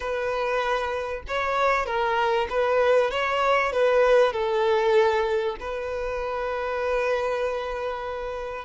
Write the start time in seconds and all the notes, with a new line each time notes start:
0.00 B4
1.27 C#5
1.86 A#4
2.49 B4
3.10 C#5
3.72 B4
4.32 A4
5.60 B4